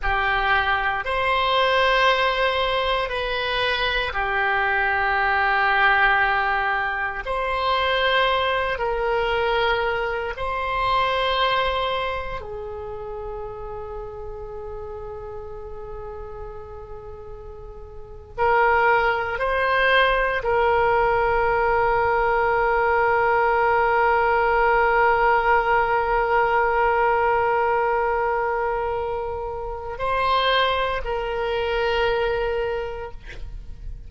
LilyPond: \new Staff \with { instrumentName = "oboe" } { \time 4/4 \tempo 4 = 58 g'4 c''2 b'4 | g'2. c''4~ | c''8 ais'4. c''2 | gis'1~ |
gis'4.~ gis'16 ais'4 c''4 ais'16~ | ais'1~ | ais'1~ | ais'4 c''4 ais'2 | }